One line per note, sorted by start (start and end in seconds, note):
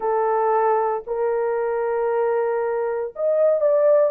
0.00 1.03 A4
1.06 3.13 A#4
3.16 3.60 D#5
3.60 4.11 D5